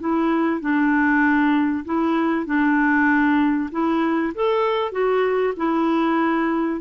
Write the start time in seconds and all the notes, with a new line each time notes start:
0.00 E4
0.61 D4
1.85 E4
2.46 D4
3.72 E4
4.35 A4
4.92 F#4
5.57 E4